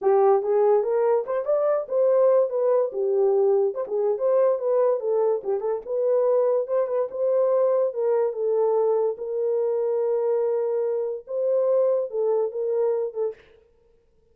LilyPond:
\new Staff \with { instrumentName = "horn" } { \time 4/4 \tempo 4 = 144 g'4 gis'4 ais'4 c''8 d''8~ | d''8 c''4. b'4 g'4~ | g'4 c''16 gis'8. c''4 b'4 | a'4 g'8 a'8 b'2 |
c''8 b'8 c''2 ais'4 | a'2 ais'2~ | ais'2. c''4~ | c''4 a'4 ais'4. a'8 | }